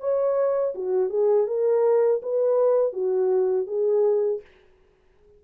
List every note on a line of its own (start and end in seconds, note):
0.00 0.74 C#5
0.75 1.09 F#4
1.09 1.46 G#4
1.47 2.21 A#4
2.23 2.93 B4
2.93 3.67 F#4
3.67 4.41 G#4